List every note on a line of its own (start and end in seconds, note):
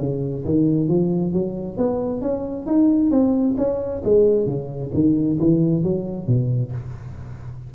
0.00 0.45 C#3
0.45 0.89 D#3
0.89 1.33 F3
1.33 1.77 F#3
1.77 2.22 B3
2.22 2.66 C#4
2.66 3.11 D#4
3.11 3.56 C4
3.58 4.03 C#4
4.05 4.47 G#3
4.47 4.91 C#3
4.94 5.39 D#3
5.40 5.83 E3
5.83 6.27 F#3
6.27 6.72 B2